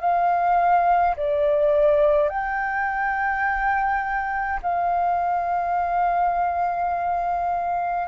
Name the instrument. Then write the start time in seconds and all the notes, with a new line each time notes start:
flute
0.00 F5
1.16 D5
2.29 G5
4.62 F5